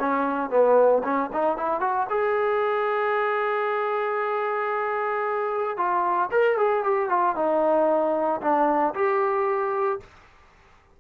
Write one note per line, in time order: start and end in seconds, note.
0.00 0.50 C#4
0.50 1.03 B3
1.04 1.30 C#4
1.33 1.57 D#4
1.57 1.80 E4
1.80 2.07 F#4
2.10 5.77 G#4
5.77 6.30 F4
6.31 6.58 A#4
6.58 6.84 G#4
6.84 7.09 G4
7.09 7.36 F4
7.36 8.41 D#4
8.41 8.94 D4
8.95 10.00 G4